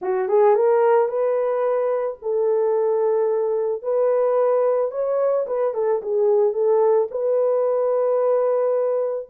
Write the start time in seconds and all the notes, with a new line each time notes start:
0.01 F#4
0.28 G#4
0.55 A#4
1.08 B4
2.21 A4
3.82 B4
4.91 C#5
5.46 B4
5.74 A4
6.02 G#4
6.53 A4
7.10 B4